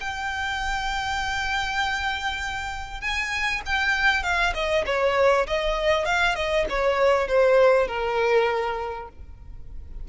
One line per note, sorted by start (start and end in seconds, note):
0.00 3.01 G5
3.01 3.61 G#5
3.66 4.23 G5
4.23 4.53 F5
4.54 4.85 D#5
4.86 5.47 C#5
5.47 6.06 D#5
6.06 6.36 F5
6.36 6.66 D#5
6.69 7.28 C#5
7.28 7.87 C5
7.87 9.09 A#4